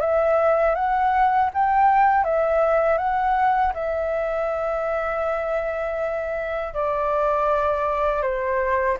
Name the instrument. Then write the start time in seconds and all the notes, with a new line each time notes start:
flute
0.00 E5
0.75 F#5
1.53 G5
2.24 E5
2.97 F#5
3.73 E5
6.74 D5
8.22 C5